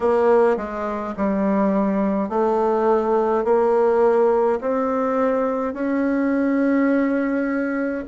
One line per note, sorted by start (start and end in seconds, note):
0.00 0.56 A#3
0.57 1.14 G#3
1.16 2.29 G3
2.29 3.44 A3
3.44 4.59 A#3
4.60 5.73 C4
5.73 8.04 C#4